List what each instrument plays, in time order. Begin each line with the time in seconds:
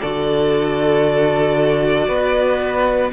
0.00 cello D3, viola F#4, violin A4 D5
2.08 cello B3, violin B4